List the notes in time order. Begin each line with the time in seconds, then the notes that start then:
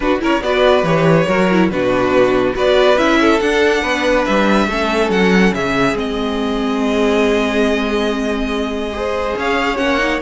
0.00 D4 F#4 B4
0.19 C#4 E4 A#4 C#5
0.41 B3 F#4 B4 D5
0.83 E3 G4 C#5
1.26 F#3 F#4 A#4
1.51 E4
1.69 B2 D4 F#4 B4
2.54 B3 F#4 B4 D5
2.97 C#4 E4 E5
3.21 A4
3.39 D4 F#5
3.81 B3 B4
4.25 G3 E5
4.67 A3 C#4 A4
5.09 F#3 F#5
5.54 C#3 G#4 E5
5.93 G#3 C4 D#5
8.92 G#4 C5
9.36 C#4 C#5 F5
9.76 A#3 C#4 F#5
9.98 D#4